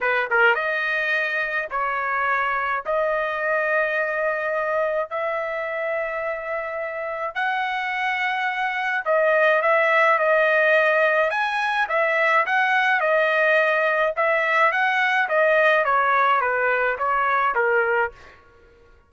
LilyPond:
\new Staff \with { instrumentName = "trumpet" } { \time 4/4 \tempo 4 = 106 b'8 ais'8 dis''2 cis''4~ | cis''4 dis''2.~ | dis''4 e''2.~ | e''4 fis''2. |
dis''4 e''4 dis''2 | gis''4 e''4 fis''4 dis''4~ | dis''4 e''4 fis''4 dis''4 | cis''4 b'4 cis''4 ais'4 | }